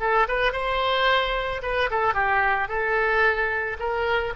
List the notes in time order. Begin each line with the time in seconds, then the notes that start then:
0.00 A4
0.28 B4
0.52 C5
1.62 B4
1.90 A4
2.14 G4
2.68 A4
3.79 A#4